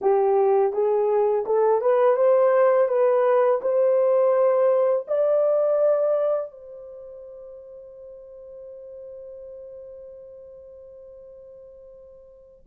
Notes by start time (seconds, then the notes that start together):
0.01 G4
0.72 G#4
1.46 A4
1.81 B4
2.16 C5
2.88 B4
3.61 C5
5.07 D5
6.51 C5